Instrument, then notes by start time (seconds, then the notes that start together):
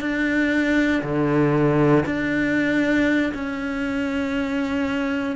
cello
0.00 D4
1.03 D3
2.05 D4
3.33 C#4